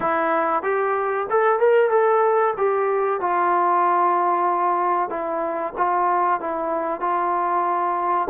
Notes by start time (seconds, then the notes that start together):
0.00 E4
0.62 G4
1.29 A4
1.59 A#4
1.90 A4
2.57 G4
3.20 F4
5.09 E4
5.77 F4
6.40 E4
7.00 F4